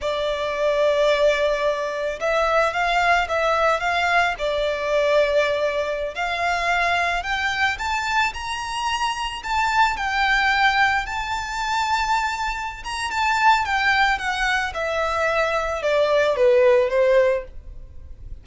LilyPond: \new Staff \with { instrumentName = "violin" } { \time 4/4 \tempo 4 = 110 d''1 | e''4 f''4 e''4 f''4 | d''2.~ d''16 f''8.~ | f''4~ f''16 g''4 a''4 ais''8.~ |
ais''4~ ais''16 a''4 g''4.~ g''16~ | g''16 a''2.~ a''16 ais''8 | a''4 g''4 fis''4 e''4~ | e''4 d''4 b'4 c''4 | }